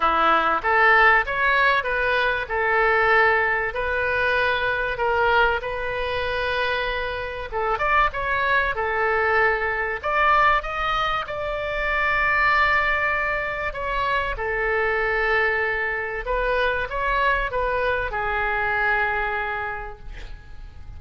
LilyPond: \new Staff \with { instrumentName = "oboe" } { \time 4/4 \tempo 4 = 96 e'4 a'4 cis''4 b'4 | a'2 b'2 | ais'4 b'2. | a'8 d''8 cis''4 a'2 |
d''4 dis''4 d''2~ | d''2 cis''4 a'4~ | a'2 b'4 cis''4 | b'4 gis'2. | }